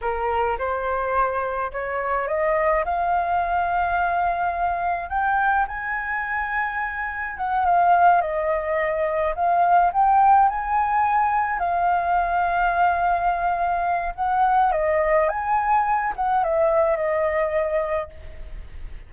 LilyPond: \new Staff \with { instrumentName = "flute" } { \time 4/4 \tempo 4 = 106 ais'4 c''2 cis''4 | dis''4 f''2.~ | f''4 g''4 gis''2~ | gis''4 fis''8 f''4 dis''4.~ |
dis''8 f''4 g''4 gis''4.~ | gis''8 f''2.~ f''8~ | f''4 fis''4 dis''4 gis''4~ | gis''8 fis''8 e''4 dis''2 | }